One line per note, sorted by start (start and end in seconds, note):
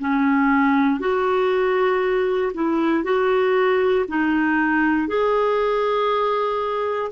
0.00 1.00 C#4
1.00 2.53 F#4
2.54 3.04 E4
3.04 4.06 F#4
4.09 5.08 D#4
5.08 7.12 G#4